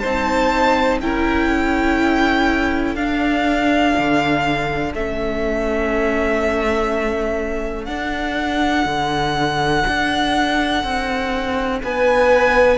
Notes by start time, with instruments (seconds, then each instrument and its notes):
0.00 cello C4, viola D#4, violin C5 A5
1.01 cello C#4, viola E4, violin A#4 G5
1.51 violin A4
2.96 cello D4, viola D4, violin F5
3.98 cello D3
4.94 cello A3, viola C#4, violin E5
7.85 cello D4, viola D4, violin F#5
8.86 cello D3
9.88 cello D4
10.84 cello C4
11.84 cello B3, violin B4 G#5